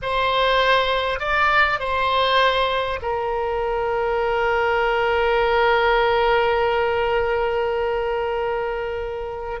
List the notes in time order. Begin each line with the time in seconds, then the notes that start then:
0.02 C5
1.19 D5
1.79 C5
3.02 A#4